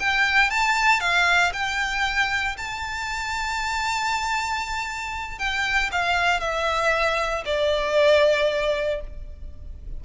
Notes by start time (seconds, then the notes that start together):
0.00 G5
0.51 A5
1.01 F5
1.53 G5
2.57 A5
5.39 G5
5.92 F5
6.41 E5
7.46 D5